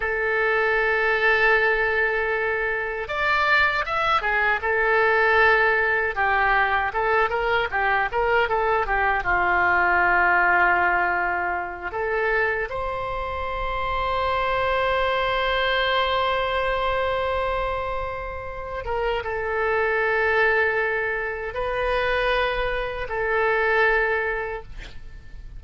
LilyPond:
\new Staff \with { instrumentName = "oboe" } { \time 4/4 \tempo 4 = 78 a'1 | d''4 e''8 gis'8 a'2 | g'4 a'8 ais'8 g'8 ais'8 a'8 g'8 | f'2.~ f'8 a'8~ |
a'8 c''2.~ c''8~ | c''1~ | c''8 ais'8 a'2. | b'2 a'2 | }